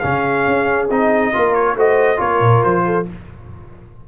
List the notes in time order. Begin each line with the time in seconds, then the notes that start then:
0.00 C#3 C#4 G#4 F5
0.47 C#4
0.90 C4 D#4 D#5
1.32 A#3 F4 A#4
1.54 C#5
1.76 A3 F#4 C5 D#5
2.17 A#3 F4 A#4 C#5
2.40 A#2
2.63 F3 C5
2.86 A4